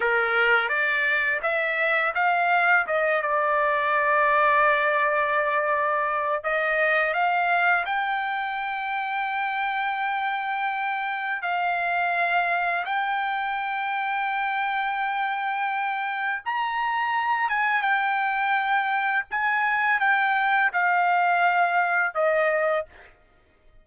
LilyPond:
\new Staff \with { instrumentName = "trumpet" } { \time 4/4 \tempo 4 = 84 ais'4 d''4 e''4 f''4 | dis''8 d''2.~ d''8~ | d''4 dis''4 f''4 g''4~ | g''1 |
f''2 g''2~ | g''2. ais''4~ | ais''8 gis''8 g''2 gis''4 | g''4 f''2 dis''4 | }